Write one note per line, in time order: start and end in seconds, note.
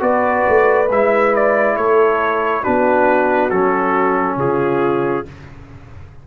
0.00 0.45 B3
0.00 0.87 F#4
0.00 1.77 B4
0.00 0.89 D5
0.49 0.91 A3
0.91 1.77 G#3
0.91 2.64 E4
0.91 1.36 E5
1.36 1.77 D5
1.77 2.64 A3
1.77 2.63 A4
1.77 2.64 C#5
2.63 3.52 B3
2.63 3.51 D4
2.63 4.37 F#4
2.63 3.51 B4
3.51 4.37 F#3
3.51 5.26 C#4
3.51 4.37 A4
4.37 5.24 C#3
4.37 5.26 F4
4.37 5.27 G#4